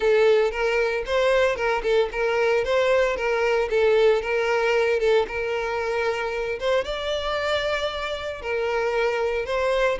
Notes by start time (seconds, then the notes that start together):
0.00 A4
0.51 A#4
1.06 C5
1.56 A#4
1.83 A4
2.12 A#4
2.64 C5
3.16 A#4
3.69 A4
4.22 A#4
4.99 A4
5.27 A#4
6.59 C5
6.84 D5
8.41 A#4
9.45 C5